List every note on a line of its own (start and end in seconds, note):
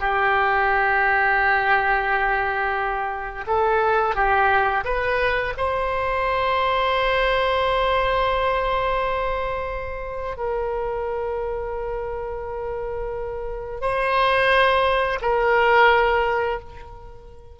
0.00 3.45 G4
3.47 4.15 A4
4.15 4.84 G4
4.85 5.54 B4
5.57 10.37 C5
10.37 13.82 A#4
13.82 15.19 C5
15.22 16.60 A#4